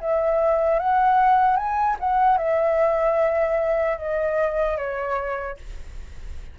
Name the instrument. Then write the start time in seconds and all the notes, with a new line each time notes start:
flute
0.00 E5
0.79 F#5
1.56 G#5
2.00 F#5
2.37 E5
3.97 D#5
4.77 C#5